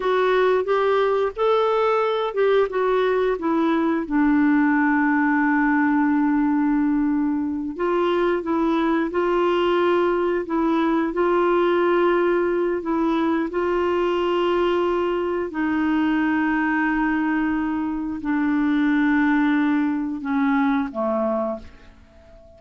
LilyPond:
\new Staff \with { instrumentName = "clarinet" } { \time 4/4 \tempo 4 = 89 fis'4 g'4 a'4. g'8 | fis'4 e'4 d'2~ | d'2.~ d'8 f'8~ | f'8 e'4 f'2 e'8~ |
e'8 f'2~ f'8 e'4 | f'2. dis'4~ | dis'2. d'4~ | d'2 cis'4 a4 | }